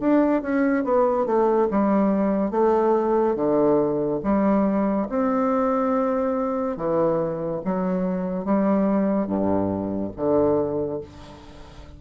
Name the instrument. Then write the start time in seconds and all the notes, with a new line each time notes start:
bassoon
0.00 D4
0.42 C#4
0.84 B3
1.26 A3
1.71 G3
2.51 A3
3.36 D3
4.23 G3
5.09 C4
6.76 E3
7.65 F#3
8.45 G3
9.27 G2
10.16 D3